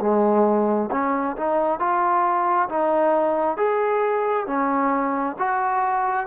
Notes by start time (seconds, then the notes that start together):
0.00 G#3
0.91 C#4
1.36 D#4
1.79 F4
2.69 D#4
3.57 G#4
4.47 C#4
5.39 F#4